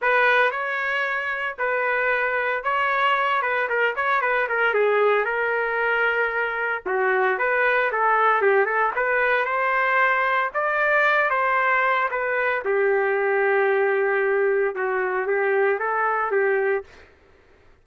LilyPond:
\new Staff \with { instrumentName = "trumpet" } { \time 4/4 \tempo 4 = 114 b'4 cis''2 b'4~ | b'4 cis''4. b'8 ais'8 cis''8 | b'8 ais'8 gis'4 ais'2~ | ais'4 fis'4 b'4 a'4 |
g'8 a'8 b'4 c''2 | d''4. c''4. b'4 | g'1 | fis'4 g'4 a'4 g'4 | }